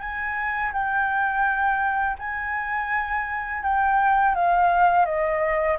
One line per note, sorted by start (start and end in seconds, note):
0.00 0.72 G#5
0.73 2.17 G5
2.19 3.63 G#5
3.63 4.35 G5
4.35 5.06 F5
5.06 5.78 D#5